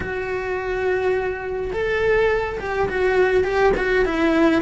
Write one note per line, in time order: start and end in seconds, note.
0.00 1.71 F#4
1.72 2.59 A4
2.59 2.88 G4
2.88 3.44 F#4
3.44 3.72 G4
3.77 4.05 F#4
4.05 4.61 E4